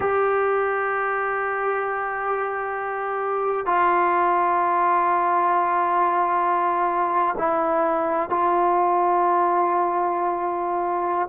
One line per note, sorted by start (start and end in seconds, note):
0.00 3.65 G4
3.65 7.35 F4
7.38 8.29 E4
8.29 11.28 F4